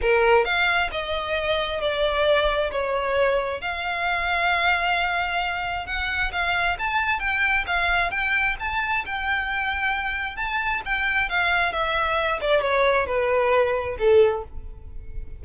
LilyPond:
\new Staff \with { instrumentName = "violin" } { \time 4/4 \tempo 4 = 133 ais'4 f''4 dis''2 | d''2 cis''2 | f''1~ | f''4 fis''4 f''4 a''4 |
g''4 f''4 g''4 a''4 | g''2. a''4 | g''4 f''4 e''4. d''8 | cis''4 b'2 a'4 | }